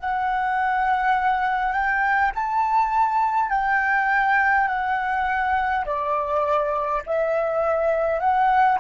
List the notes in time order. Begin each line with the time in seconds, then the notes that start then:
0.00 F#5
1.73 G5
2.35 A5
3.50 G5
4.68 F#5
5.86 D5
7.06 E5
8.20 F#5